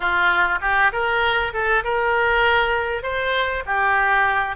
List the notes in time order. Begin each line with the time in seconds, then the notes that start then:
0.00 F4
0.61 G4
0.92 A#4
1.53 A4
1.83 A#4
3.02 C5
3.66 G4